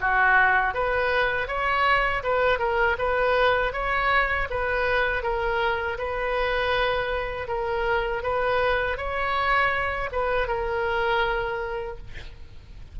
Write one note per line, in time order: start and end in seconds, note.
0.00 0.74 F#4
0.74 1.47 B4
1.47 2.22 C#5
2.23 2.58 B4
2.58 2.96 A#4
2.98 3.73 B4
3.73 4.48 C#5
4.50 5.22 B4
5.22 5.97 A#4
5.98 7.47 B4
7.47 8.22 A#4
8.23 8.97 B4
8.97 10.09 C#5
10.11 10.47 B4
10.47 11.97 A#4